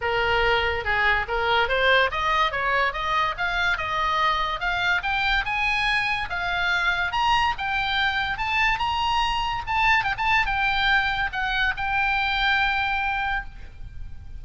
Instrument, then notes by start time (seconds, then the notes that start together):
oboe
0.01 A#4
0.84 G#4
1.28 A#4
1.68 C5
2.11 D#5
2.51 C#5
2.93 D#5
3.37 F5
3.77 D#5
4.60 F5
5.02 G5
5.45 G#5
6.29 F5
7.12 A#5
7.58 G5
8.37 A5
8.78 A#5
9.66 A5
10.04 G5
10.17 A5
10.46 G5
11.32 F#5
11.76 G5